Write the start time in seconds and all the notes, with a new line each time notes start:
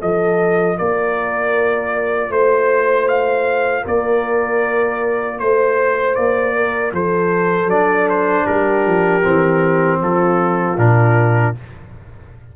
0.00 F3 F4 A4 D#5
0.78 A#3 A#4 D5
2.29 A3 C5
3.08 F5
3.83 A#3 A#4 D5
5.39 A3 C5
6.15 A#3 D5
6.55 A#4
6.92 F3 A4 C5
7.66 F#3 D4 D5
8.09 C5
8.44 G3 G4 A#4
8.86 F3
9.22 E3 C4
10.00 F3 F4 A4
10.77 A#2 D4 A#4